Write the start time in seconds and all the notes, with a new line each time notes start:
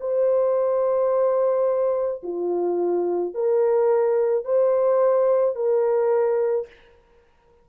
0.00 C5
2.23 F4
3.34 A#4
4.44 C5
5.55 A#4